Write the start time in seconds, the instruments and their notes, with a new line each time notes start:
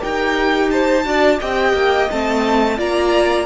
0.00 cello D#4, viola G4, violin A#4 G5
0.70 violin C5 A5
1.04 cello D4, viola F#4, violin D5
1.39 cello C4, viola G4, violin D#5 G5
1.73 cello A#3
2.10 cello A3, viola C4, violin A5
2.77 cello A#3, viola F4, violin D5 A#5